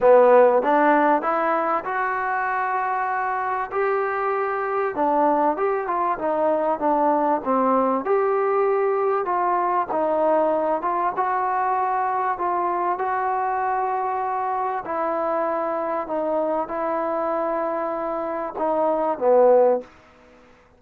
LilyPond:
\new Staff \with { instrumentName = "trombone" } { \time 4/4 \tempo 4 = 97 b4 d'4 e'4 fis'4~ | fis'2 g'2 | d'4 g'8 f'8 dis'4 d'4 | c'4 g'2 f'4 |
dis'4. f'8 fis'2 | f'4 fis'2. | e'2 dis'4 e'4~ | e'2 dis'4 b4 | }